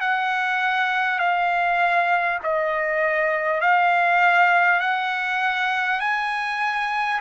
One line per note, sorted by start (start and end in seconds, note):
0.00 1.18 F#5
1.18 2.38 F5
2.43 3.60 D#5
3.60 4.79 F5
4.79 5.99 F#5
5.99 7.19 G#5